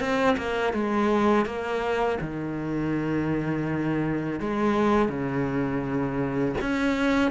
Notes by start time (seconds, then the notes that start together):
0.00 C4
0.37 A#3
0.73 G#3
1.45 A#3
2.21 D#3
4.40 G#3
5.09 C#3
6.61 C#4